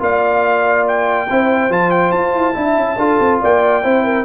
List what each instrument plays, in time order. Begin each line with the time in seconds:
0.00 tuba A#3, trombone F4, horn D5, trumpet F5
0.88 trumpet G5
1.30 tuba C4, trombone E4, horn C5
1.70 tuba F3, trombone F4, trumpet A5
1.91 trumpet G5
2.12 tuba F4, trumpet A5
2.34 tuba E4
2.54 tuba D4, trombone E4, horn E5
2.77 tuba C#4
2.98 tuba D4, trombone F4, horn A4
3.20 tuba C4
3.42 tuba A#3, horn D5, trumpet G5
3.83 tuba C4, trombone E4, horn C5
4.04 horn A#4